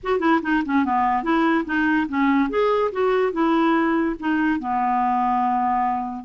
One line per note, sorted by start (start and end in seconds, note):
0.03 0.19 F#4
0.19 0.40 E4
0.42 0.63 D#4
0.65 0.84 C#4
0.84 1.23 B3
1.23 1.65 E4
1.65 2.06 D#4
2.08 2.49 C#4
2.49 2.91 G#4
2.92 3.32 F#4
3.32 4.15 E4
4.19 4.59 D#4
4.59 6.24 B3